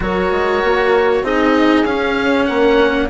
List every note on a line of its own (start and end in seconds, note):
0.00 0.31 F#3
0.00 1.23 F#4
0.00 1.23 A#4
0.00 1.25 C#5
0.31 0.62 G#3
0.63 1.22 A#3
1.22 1.83 C4
1.22 1.85 D#4
1.22 2.47 G#4
1.22 1.85 D#5
1.83 2.45 C#4
1.83 3.09 C#4
1.83 2.45 F5
2.45 3.10 A#3
2.45 3.10 A#4
2.45 3.07 F#5